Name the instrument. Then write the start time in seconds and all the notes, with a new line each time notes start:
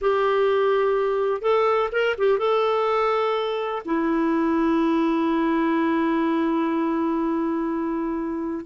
clarinet
0.01 G4
1.41 A4
1.91 A#4
2.18 G4
2.38 A4
3.85 E4